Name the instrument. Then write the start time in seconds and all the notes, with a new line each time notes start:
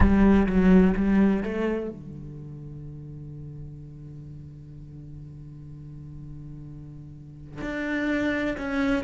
cello
0.00 G3
0.46 F#3
0.96 G3
1.43 A3
1.90 D3
7.61 D4
8.57 C#4